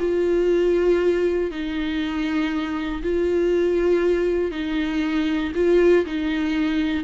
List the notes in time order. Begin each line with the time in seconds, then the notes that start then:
0.00 F4
1.51 D#4
3.03 F4
4.52 D#4
5.55 F4
6.06 D#4